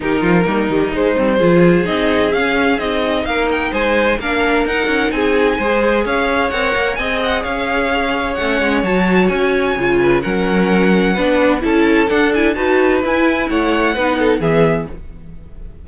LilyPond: <<
  \new Staff \with { instrumentName = "violin" } { \time 4/4 \tempo 4 = 129 ais'2 c''2 | dis''4 f''4 dis''4 f''8 g''8 | gis''4 f''4 fis''4 gis''4~ | gis''4 f''4 fis''4 gis''8 fis''8 |
f''2 fis''4 a''4 | gis''2 fis''2~ | fis''4 a''4 fis''8 gis''8 a''4 | gis''4 fis''2 e''4 | }
  \new Staff \with { instrumentName = "violin" } { \time 4/4 g'8 f'8 dis'2 gis'4~ | gis'2. ais'4 | c''4 ais'2 gis'4 | c''4 cis''2 dis''4 |
cis''1~ | cis''4. b'8 ais'2 | b'4 a'2 b'4~ | b'4 cis''4 b'8 a'8 gis'4 | }
  \new Staff \with { instrumentName = "viola" } { \time 4/4 dis'4 ais8 g8 gis8 c'8 f'4 | dis'4 cis'4 dis'2~ | dis'4 d'4 dis'2 | gis'2 ais'4 gis'4~ |
gis'2 cis'4 fis'4~ | fis'4 f'4 cis'2 | d'4 e'4 d'8 e'8 fis'4 | e'2 dis'4 b4 | }
  \new Staff \with { instrumentName = "cello" } { \time 4/4 dis8 f8 g8 dis8 gis8 g8 f4 | c'4 cis'4 c'4 ais4 | gis4 ais4 dis'8 cis'8 c'4 | gis4 cis'4 c'8 ais8 c'4 |
cis'2 a8 gis8 fis4 | cis'4 cis4 fis2 | b4 cis'4 d'4 dis'4 | e'4 a4 b4 e4 | }
>>